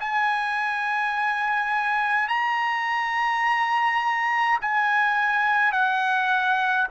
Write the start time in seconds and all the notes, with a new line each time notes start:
0.00 G#5
2.28 A#5
4.61 G#5
5.72 F#5